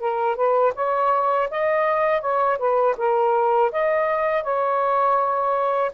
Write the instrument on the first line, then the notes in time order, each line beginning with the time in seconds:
saxophone
0.00 A#4
0.36 B4
0.75 C#5
1.51 D#5
2.21 C#5
2.59 B4
2.97 A#4
3.72 D#5
4.43 C#5